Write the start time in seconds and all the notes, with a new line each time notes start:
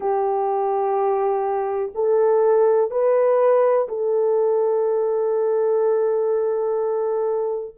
0.00 G4
1.94 A4
2.90 B4
3.88 A4